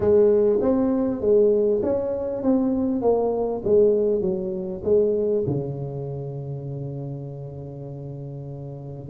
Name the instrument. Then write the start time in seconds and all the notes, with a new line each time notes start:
tuba
0.00 G#3
0.61 C4
1.20 G#3
1.82 C#4
2.42 C4
3.01 A#3
3.64 G#3
4.21 F#3
4.83 G#3
5.46 C#3